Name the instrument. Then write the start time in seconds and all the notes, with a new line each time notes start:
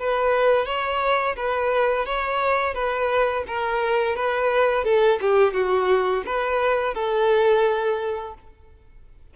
violin
0.00 B4
0.66 C#5
1.37 B4
2.06 C#5
2.74 B4
3.48 A#4
4.16 B4
4.85 A4
5.22 G4
5.54 F#4
6.26 B4
6.95 A4